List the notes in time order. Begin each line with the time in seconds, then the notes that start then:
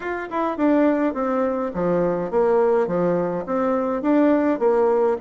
0.00 F4
0.30 E4
0.57 D4
1.14 C4
1.74 F3
2.30 A#3
2.87 F3
3.46 C4
4.02 D4
4.59 A#3